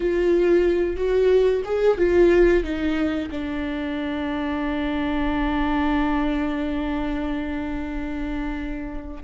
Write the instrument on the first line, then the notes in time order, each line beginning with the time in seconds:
viola
0.00 F4
0.96 F#4
1.65 G#4
1.97 F4
2.63 D#4
3.30 D4